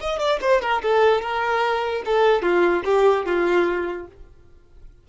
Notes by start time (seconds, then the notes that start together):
0.00 D#5
0.19 D5
0.41 C5
0.61 A#4
0.82 A4
1.22 A#4
2.05 A4
2.42 F4
2.84 G4
3.25 F4